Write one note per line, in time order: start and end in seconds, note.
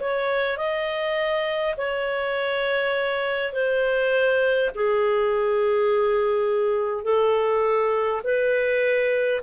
0.00 0.57 C#5
0.57 1.74 D#5
1.76 3.52 C#5
3.52 4.70 C5
4.74 7.04 G#4
7.04 8.21 A4
8.24 9.41 B4